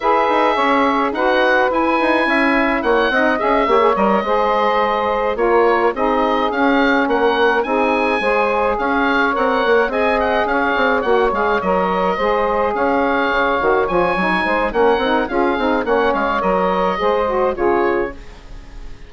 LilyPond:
<<
  \new Staff \with { instrumentName = "oboe" } { \time 4/4 \tempo 4 = 106 e''2 fis''4 gis''4~ | gis''4 fis''4 e''4 dis''4~ | dis''4. cis''4 dis''4 f''8~ | f''8 fis''4 gis''2 f''8~ |
f''8 fis''4 gis''8 fis''8 f''4 fis''8 | f''8 dis''2 f''4.~ | f''8 gis''4. fis''4 f''4 | fis''8 f''8 dis''2 cis''4 | }
  \new Staff \with { instrumentName = "saxophone" } { \time 4/4 b'4 cis''4 b'2 | e''4 cis''8 dis''4 cis''4 c''8~ | c''4. ais'4 gis'4.~ | gis'8 ais'4 gis'4 c''4 cis''8~ |
cis''4. dis''4 cis''4.~ | cis''4. c''4 cis''4.~ | cis''4. c''8 ais'4 gis'4 | cis''2 c''4 gis'4 | }
  \new Staff \with { instrumentName = "saxophone" } { \time 4/4 gis'2 fis'4 e'4~ | e'4. dis'8 gis'8 g'16 gis'16 ais'8 gis'8~ | gis'4. f'4 dis'4 cis'8~ | cis'4. dis'4 gis'4.~ |
gis'8 ais'4 gis'2 fis'8 | gis'8 ais'4 gis'2~ gis'8 | fis'8 f'8 dis'4 cis'8 dis'8 f'8 dis'8 | cis'4 ais'4 gis'8 fis'8 f'4 | }
  \new Staff \with { instrumentName = "bassoon" } { \time 4/4 e'8 dis'8 cis'4 dis'4 e'8 dis'8 | cis'4 ais8 c'8 cis'8 ais8 g8 gis8~ | gis4. ais4 c'4 cis'8~ | cis'8 ais4 c'4 gis4 cis'8~ |
cis'8 c'8 ais8 c'4 cis'8 c'8 ais8 | gis8 fis4 gis4 cis'4 cis8 | dis8 f8 fis8 gis8 ais8 c'8 cis'8 c'8 | ais8 gis8 fis4 gis4 cis4 | }
>>